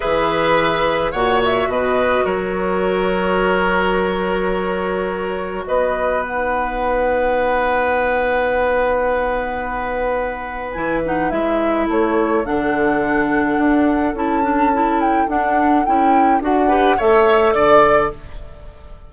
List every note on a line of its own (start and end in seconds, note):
0.00 1.13 E3
0.00 1.13 G#4
0.00 1.11 B4
0.00 1.12 E5
1.11 1.67 A#2
1.11 6.25 F#4
1.11 1.68 C#5
1.11 1.40 F#5
1.44 1.71 E5
1.67 2.24 B2
1.67 2.24 B4
1.67 2.25 D#5
2.24 5.64 F#3
2.24 5.64 A#4
2.24 5.65 C#5
5.66 10.76 B3
5.66 11.86 B4
5.66 6.22 D#5
6.22 10.75 D#4
6.22 10.71 F#5
10.71 11.31 E3
10.71 11.03 E4
10.71 11.00 G#5
11.05 11.30 D#4
11.05 11.30 F#5
11.30 11.87 G#3
11.30 12.44 E4
11.30 11.86 E5
11.86 12.45 A3
11.86 16.67 A4
11.86 12.45 C#5
12.44 13.57 D3
12.44 14.14 D4
12.44 14.15 F#5
13.57 14.13 D4
14.13 15.27 C#4
14.13 14.43 E4
14.13 15.00 A5
14.43 14.71 D4
14.73 15.28 E4
15.00 15.28 G5
15.27 15.84 D4
15.27 15.85 F#5
15.85 16.40 C#4
15.85 16.41 E4
15.85 16.41 G5
16.40 16.97 D4
16.40 16.69 F#4
16.40 16.99 F#5
16.67 16.97 G4
16.67 16.96 B4
16.97 17.54 A3
16.97 18.12 A4
16.97 17.53 C#5
16.97 17.53 E5
17.53 18.10 D3
17.53 18.10 D5
17.53 18.11 D5